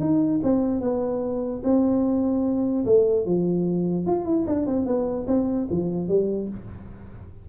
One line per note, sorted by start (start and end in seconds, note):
0.00 0.41 D#4
0.43 0.81 C4
0.81 1.62 B3
1.64 2.85 C4
2.86 3.25 A3
3.25 4.06 F3
4.06 4.25 F4
4.25 4.46 E4
4.47 4.67 D4
4.67 4.86 C4
4.86 5.27 B3
5.27 5.68 C4
5.70 6.08 F3
6.08 6.49 G3